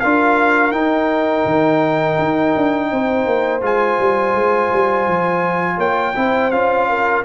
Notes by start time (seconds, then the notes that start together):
0.00 D4 F4 A#4 F5
0.72 D#4 G5
1.46 D#3
2.18 D#4
2.57 D4
2.92 C4 C5
3.26 A#3
3.61 G#3 F4 G#5
3.99 G3
4.35 G#3
4.73 G3
5.08 F3
5.77 A#3 C#5 G5
6.16 C4 E4 C5
6.51 C#4 F4 F5
6.89 A#4